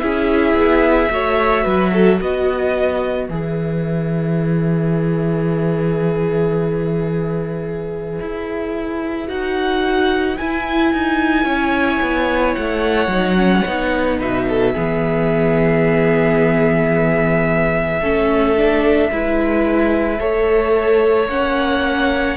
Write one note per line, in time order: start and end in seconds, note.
0.00 0.54 C#4
0.00 1.10 E4
0.00 1.11 G#4
0.00 2.18 E5
0.54 1.08 B3
1.11 1.65 A3
1.11 3.29 F#4
1.11 1.64 C#5
1.64 2.21 F#3
1.64 1.91 B4
1.93 2.20 A4
2.20 3.29 B3
2.20 11.44 B4
2.20 3.29 D#5
3.29 8.20 E3
3.29 9.27 G#4
3.29 9.29 E5
8.21 9.29 E4
9.27 10.38 D#4
9.27 10.37 F#4
9.27 10.37 F#5
10.37 13.10 E4
10.37 10.93 E4
10.37 12.55 G#5
10.93 11.44 D#4
11.44 11.99 C#4
11.44 14.17 C#5
12.01 12.55 B3
12.55 13.07 A3
12.55 14.18 F#5
13.07 13.62 F#3
13.07 13.36 D#4
13.36 13.64 C#4
13.66 14.20 B3
13.66 14.74 D#4
14.18 14.75 B2
14.18 14.45 B4
14.18 21.29 E5
14.49 14.74 A4
14.74 18.01 E3
14.74 18.01 B3
14.74 18.01 G#4
18.01 19.10 A3
18.01 18.57 C#4
18.01 19.10 A4
18.57 19.11 D4
19.10 20.19 G#3
19.10 20.19 E4
19.10 20.20 B4
20.19 21.29 A3
20.19 21.28 A4
20.19 22.37 C#5
21.29 22.37 A#3
21.29 22.37 C#4
21.29 22.37 F#5